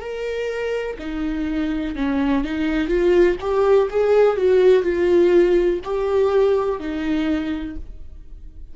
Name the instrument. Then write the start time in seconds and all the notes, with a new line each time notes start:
viola
0.00 A#4
0.99 D#4
1.95 C#4
2.44 D#4
2.88 F4
3.40 G4
3.90 G#4
4.36 F#4
4.83 F4
5.84 G4
6.79 D#4